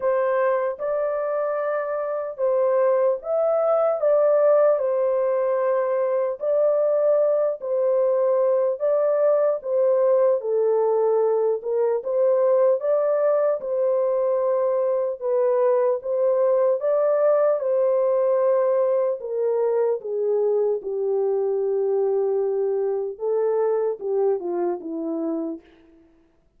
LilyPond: \new Staff \with { instrumentName = "horn" } { \time 4/4 \tempo 4 = 75 c''4 d''2 c''4 | e''4 d''4 c''2 | d''4. c''4. d''4 | c''4 a'4. ais'8 c''4 |
d''4 c''2 b'4 | c''4 d''4 c''2 | ais'4 gis'4 g'2~ | g'4 a'4 g'8 f'8 e'4 | }